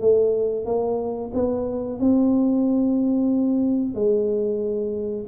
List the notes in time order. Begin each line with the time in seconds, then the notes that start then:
0.00 A3
0.65 A#3
1.33 B3
1.99 C4
3.94 G#3